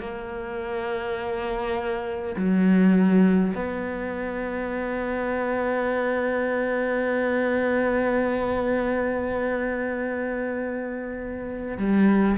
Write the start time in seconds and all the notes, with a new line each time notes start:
0.00 A#3
2.36 F#3
3.55 B3
11.78 G3